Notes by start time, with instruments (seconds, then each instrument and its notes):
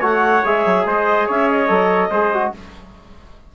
0.00 bassoon A3, trombone F#4, trumpet C#5, clarinet F#5
0.45 bassoon G#3, trombone G#4, clarinet E5
0.65 bassoon F#3
0.85 bassoon G#3, trumpet C5, clarinet D#5
1.26 bassoon C#4, trumpet C#5, clarinet E5
1.49 clarinet D#5
1.68 bassoon F#3, trombone A4
2.09 bassoon G#3, trombone G#4, trumpet C5
2.34 trombone F#4